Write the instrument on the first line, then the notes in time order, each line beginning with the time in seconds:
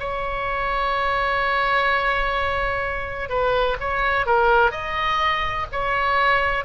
oboe
0.00 C#5
3.30 B4
3.81 C#5
4.26 A#4
4.71 D#5
5.72 C#5